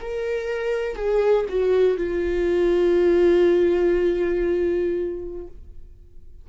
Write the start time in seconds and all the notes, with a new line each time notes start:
0.00 A#4
0.95 G#4
1.48 F#4
1.97 F4